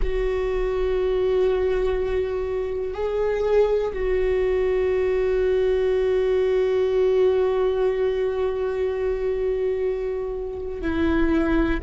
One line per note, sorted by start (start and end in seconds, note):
0.02 2.93 F#4
2.93 3.92 G#4
3.93 10.81 F#4
10.82 11.80 E4